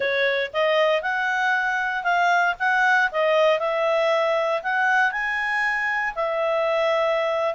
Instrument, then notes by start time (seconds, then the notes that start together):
clarinet
0.00 C#5
0.53 D#5
1.02 F#5
2.03 F5
2.59 F#5
3.11 D#5
3.59 E5
4.62 F#5
5.11 G#5
6.15 E5